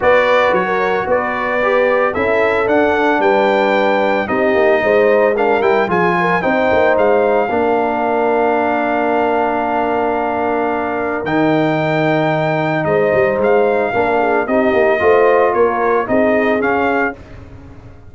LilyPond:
<<
  \new Staff \with { instrumentName = "trumpet" } { \time 4/4 \tempo 4 = 112 d''4 cis''4 d''2 | e''4 fis''4 g''2 | dis''2 f''8 g''8 gis''4 | g''4 f''2.~ |
f''1~ | f''4 g''2. | dis''4 f''2 dis''4~ | dis''4 cis''4 dis''4 f''4 | }
  \new Staff \with { instrumentName = "horn" } { \time 4/4 b'4~ b'16 ais'8. b'2 | a'2 b'2 | g'4 c''4 ais'4 gis'8 ais'8 | c''2 ais'2~ |
ais'1~ | ais'1 | c''2 ais'8 gis'8 g'4 | c''4 ais'4 gis'2 | }
  \new Staff \with { instrumentName = "trombone" } { \time 4/4 fis'2. g'4 | e'4 d'2. | dis'2 d'8 e'8 f'4 | dis'2 d'2~ |
d'1~ | d'4 dis'2.~ | dis'2 d'4 dis'4 | f'2 dis'4 cis'4 | }
  \new Staff \with { instrumentName = "tuba" } { \time 4/4 b4 fis4 b2 | cis'4 d'4 g2 | c'8 ais8 gis4. g8 f4 | c'8 ais8 gis4 ais2~ |
ais1~ | ais4 dis2. | gis8 g8 gis4 ais4 c'8 ais8 | a4 ais4 c'4 cis'4 | }
>>